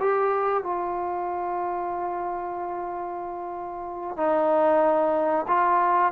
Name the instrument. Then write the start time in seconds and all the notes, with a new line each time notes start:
trombone
0.00 G4
0.63 F4
4.17 D#4
5.48 F4